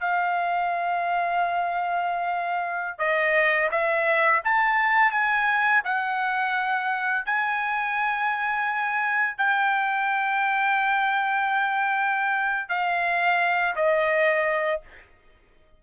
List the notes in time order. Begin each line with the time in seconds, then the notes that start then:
0.00 F5
2.99 D#5
3.71 E5
4.44 A5
5.11 G#5
5.85 F#5
7.26 G#5
9.38 G5
12.69 F5
13.76 D#5